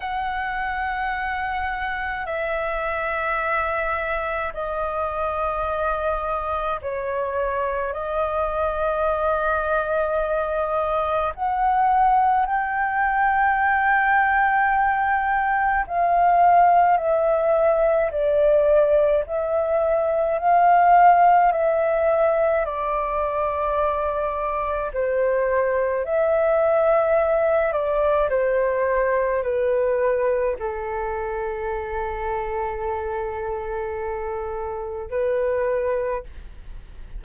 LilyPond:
\new Staff \with { instrumentName = "flute" } { \time 4/4 \tempo 4 = 53 fis''2 e''2 | dis''2 cis''4 dis''4~ | dis''2 fis''4 g''4~ | g''2 f''4 e''4 |
d''4 e''4 f''4 e''4 | d''2 c''4 e''4~ | e''8 d''8 c''4 b'4 a'4~ | a'2. b'4 | }